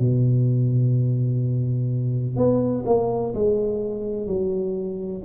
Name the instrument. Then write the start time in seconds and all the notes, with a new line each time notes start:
tuba
0.00 B2
2.37 B3
2.86 A#3
3.35 G#3
4.27 F#3